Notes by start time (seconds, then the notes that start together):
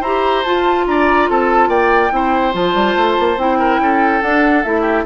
0.00 E4 G4 C5 A#5
0.43 F4 A5
0.87 D4 D5 A#5
1.29 C4 A4 A5
1.68 A#3 D5 G5
2.11 C4 E4 C5
2.52 F3 F4 A5
2.74 G3
2.96 A3
3.19 A#3
3.37 C4 E4 G5
3.59 A#4
3.79 C#4 A4
4.22 D4 F#5
4.63 A3 E4 E5
4.81 G4